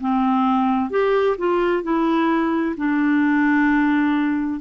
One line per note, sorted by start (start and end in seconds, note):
0.00 0.90 C4
0.90 1.36 G4
1.38 1.83 F4
1.83 2.75 E4
2.77 4.60 D4